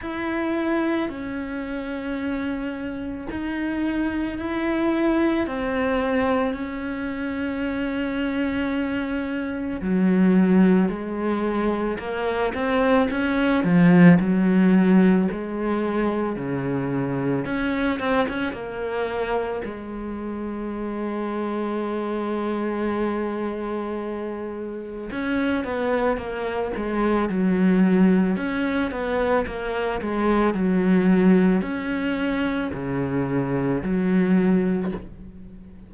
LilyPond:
\new Staff \with { instrumentName = "cello" } { \time 4/4 \tempo 4 = 55 e'4 cis'2 dis'4 | e'4 c'4 cis'2~ | cis'4 fis4 gis4 ais8 c'8 | cis'8 f8 fis4 gis4 cis4 |
cis'8 c'16 cis'16 ais4 gis2~ | gis2. cis'8 b8 | ais8 gis8 fis4 cis'8 b8 ais8 gis8 | fis4 cis'4 cis4 fis4 | }